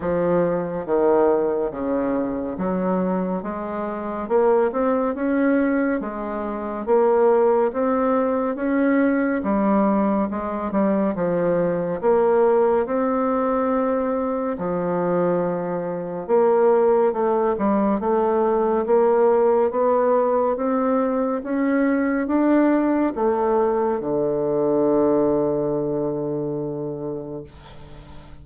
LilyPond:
\new Staff \with { instrumentName = "bassoon" } { \time 4/4 \tempo 4 = 70 f4 dis4 cis4 fis4 | gis4 ais8 c'8 cis'4 gis4 | ais4 c'4 cis'4 g4 | gis8 g8 f4 ais4 c'4~ |
c'4 f2 ais4 | a8 g8 a4 ais4 b4 | c'4 cis'4 d'4 a4 | d1 | }